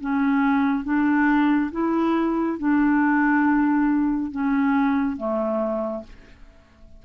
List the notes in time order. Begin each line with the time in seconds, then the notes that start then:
0.00 C#4
0.83 D4
1.72 E4
2.58 D4
4.31 C#4
5.17 A3